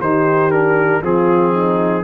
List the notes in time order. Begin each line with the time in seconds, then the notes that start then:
0.00 D#3 D#4 G4 C5
0.51 D4 A#4
1.02 F3 C4 F4 G#4
1.53 D#4